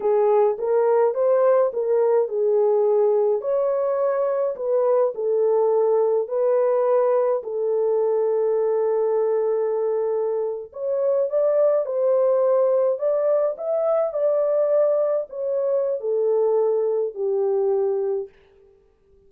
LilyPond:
\new Staff \with { instrumentName = "horn" } { \time 4/4 \tempo 4 = 105 gis'4 ais'4 c''4 ais'4 | gis'2 cis''2 | b'4 a'2 b'4~ | b'4 a'2.~ |
a'2~ a'8. cis''4 d''16~ | d''8. c''2 d''4 e''16~ | e''8. d''2 cis''4~ cis''16 | a'2 g'2 | }